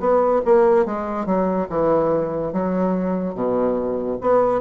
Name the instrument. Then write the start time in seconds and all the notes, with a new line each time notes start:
bassoon
0.00 B3
0.46 A#3
0.86 G#3
1.26 F#3
1.70 E3
2.53 F#3
3.35 B2
4.22 B3